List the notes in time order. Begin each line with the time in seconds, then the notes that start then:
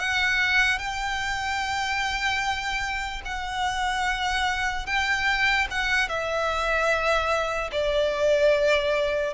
0.00 F#5
0.79 G5
3.25 F#5
4.87 G5
5.71 F#5
6.09 E5
7.72 D5